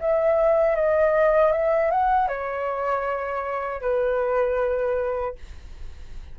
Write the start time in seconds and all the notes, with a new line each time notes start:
0.00 E5
0.76 D#5
1.52 E5
1.91 F#5
2.28 C#5
3.81 B4